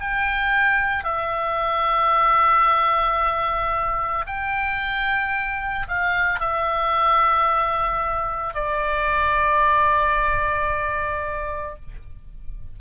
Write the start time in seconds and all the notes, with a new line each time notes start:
0.00 G5
1.04 E5
4.26 G5
5.88 F5
6.39 E5
8.54 D5